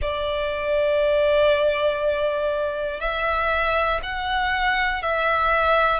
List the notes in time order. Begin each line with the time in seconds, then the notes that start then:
0.01 D5
3.00 E5
4.02 F#5
5.02 E5